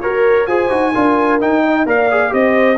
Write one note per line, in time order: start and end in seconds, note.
0.00 0.47 F#4
0.00 0.48 A#4
0.00 0.46 A#4
0.00 0.46 C#5
0.46 0.70 F4
0.46 0.69 G#4
0.46 0.93 C5
0.46 1.39 G#5
0.69 0.94 D#4
0.69 0.92 F#4
0.93 1.41 D4
0.93 1.40 F4
0.93 1.62 A#4
1.40 1.86 D#4
1.40 1.85 D#4
1.40 1.87 G5
1.63 1.86 D#5
1.85 2.32 A#3
1.85 2.09 A#4
1.85 2.33 D5
1.85 2.33 F5
2.10 2.29 G#4
2.29 2.77 C4
2.29 2.75 G4
2.29 2.77 C5
2.29 2.77 D#5